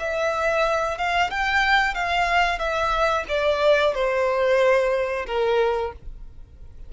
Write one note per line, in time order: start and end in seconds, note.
0.00 0.99 E5
0.99 1.31 F5
1.31 1.95 G5
1.95 2.59 F5
2.59 3.25 E5
3.29 3.95 D5
3.95 5.27 C5
5.27 5.93 A#4